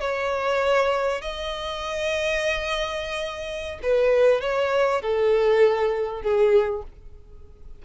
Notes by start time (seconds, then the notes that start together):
0.00 C#5
1.21 D#5
3.83 B4
4.41 C#5
5.02 A4
6.22 G#4